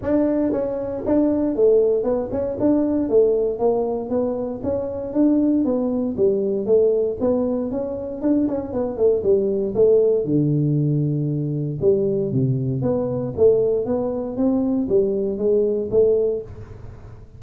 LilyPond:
\new Staff \with { instrumentName = "tuba" } { \time 4/4 \tempo 4 = 117 d'4 cis'4 d'4 a4 | b8 cis'8 d'4 a4 ais4 | b4 cis'4 d'4 b4 | g4 a4 b4 cis'4 |
d'8 cis'8 b8 a8 g4 a4 | d2. g4 | c4 b4 a4 b4 | c'4 g4 gis4 a4 | }